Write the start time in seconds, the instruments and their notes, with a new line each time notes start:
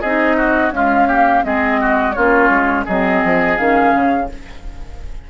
0.00 bassoon C4, clarinet D#4, oboe G#4, flute D#5
0.36 oboe F#4
0.71 clarinet G#3, bassoon C#4, oboe F4, flute F5
1.07 clarinet A#3, oboe G4
1.42 bassoon G#3, clarinet C4, oboe G#4, flute D#5
1.80 oboe F#4
2.12 bassoon A#3, clarinet C#4, oboe F4, flute C#5
2.49 bassoon G#3
2.85 bassoon F#3, clarinet C4, oboe G#4, flute D#5
3.24 bassoon F3
3.57 bassoon D#3, clarinet C#4, flute F5
3.94 bassoon C#3